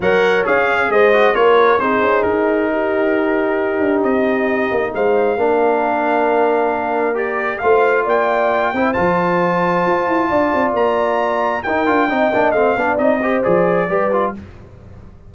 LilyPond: <<
  \new Staff \with { instrumentName = "trumpet" } { \time 4/4 \tempo 4 = 134 fis''4 f''4 dis''4 cis''4 | c''4 ais'2.~ | ais'4 dis''2 f''4~ | f''1 |
d''4 f''4 g''2 | a''1 | ais''2 g''2 | f''4 dis''4 d''2 | }
  \new Staff \with { instrumentName = "horn" } { \time 4/4 cis''2 c''4 ais'4 | gis'2 g'2~ | g'2. c''4 | ais'1~ |
ais'4 c''4 d''4. c''8~ | c''2. d''4~ | d''2 ais'4 dis''4~ | dis''8 d''4 c''4. b'4 | }
  \new Staff \with { instrumentName = "trombone" } { \time 4/4 ais'4 gis'4. fis'8 f'4 | dis'1~ | dis'1 | d'1 |
g'4 f'2~ f'8 e'8 | f'1~ | f'2 dis'8 f'8 dis'8 d'8 | c'8 d'8 dis'8 g'8 gis'4 g'8 f'8 | }
  \new Staff \with { instrumentName = "tuba" } { \time 4/4 fis4 cis'4 gis4 ais4 | c'8 cis'8 dis'2.~ | dis'8 d'8 c'4. ais8 gis4 | ais1~ |
ais4 a4 ais4. c'8 | f2 f'8 e'8 d'8 c'8 | ais2 dis'8 d'8 c'8 ais8 | a8 b8 c'4 f4 g4 | }
>>